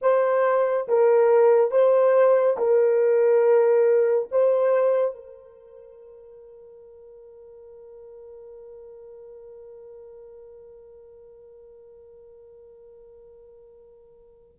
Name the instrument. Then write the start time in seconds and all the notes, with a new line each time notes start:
horn
0.01 C5
0.88 A#4
1.71 C5
2.57 A#4
4.31 C5
5.14 A#4